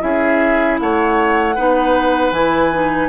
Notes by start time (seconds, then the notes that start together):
0.00 C#4 E4 G#4 E5
0.79 A3 C#5 F#5
1.55 B3 D#4 B4
2.32 E3 E4 G#5
2.73 D#4